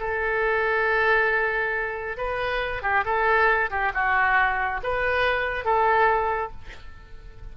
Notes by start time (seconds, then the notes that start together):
0.00 A4
2.17 B4
2.83 G4
3.05 A4
3.71 G4
3.94 F#4
4.83 B4
5.65 A4